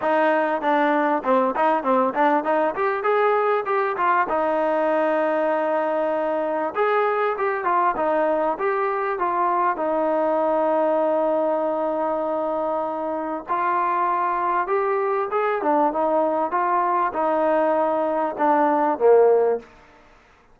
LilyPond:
\new Staff \with { instrumentName = "trombone" } { \time 4/4 \tempo 4 = 98 dis'4 d'4 c'8 dis'8 c'8 d'8 | dis'8 g'8 gis'4 g'8 f'8 dis'4~ | dis'2. gis'4 | g'8 f'8 dis'4 g'4 f'4 |
dis'1~ | dis'2 f'2 | g'4 gis'8 d'8 dis'4 f'4 | dis'2 d'4 ais4 | }